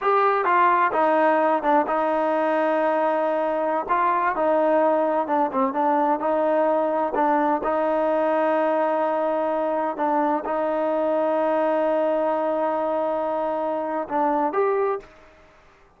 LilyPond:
\new Staff \with { instrumentName = "trombone" } { \time 4/4 \tempo 4 = 128 g'4 f'4 dis'4. d'8 | dis'1~ | dis'16 f'4 dis'2 d'8 c'16~ | c'16 d'4 dis'2 d'8.~ |
d'16 dis'2.~ dis'8.~ | dis'4~ dis'16 d'4 dis'4.~ dis'16~ | dis'1~ | dis'2 d'4 g'4 | }